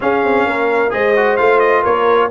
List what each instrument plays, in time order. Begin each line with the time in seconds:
0.00 trombone C#4, tuba C#4, horn G#4, trumpet F5
0.24 tuba C4
0.46 tuba A#3, horn A#4
0.90 tuba G#3, trombone G#4, horn C5, trumpet D#5
1.16 trombone F#4
1.36 tuba A3, trombone F4, trumpet F5
1.59 trumpet D#5
1.82 tuba A#3, horn A#4, trumpet C#5